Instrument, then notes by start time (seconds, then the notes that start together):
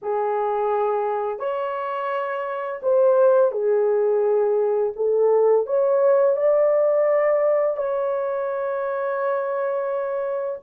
horn
0.02 G#4
1.39 C#5
2.82 C5
3.51 G#4
4.95 A4
5.66 C#5
6.36 D5
7.76 C#5